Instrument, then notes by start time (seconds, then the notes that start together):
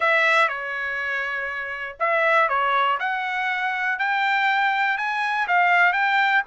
trumpet
0.00 E5
0.48 C#5
1.99 E5
2.48 C#5
2.99 F#5
3.98 G5
4.97 G#5
5.47 F5
5.93 G5